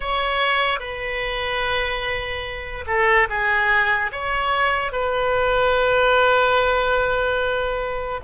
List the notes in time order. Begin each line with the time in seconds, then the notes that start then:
0.00 C#5
0.79 B4
2.87 A4
3.29 G#4
4.12 C#5
4.92 B4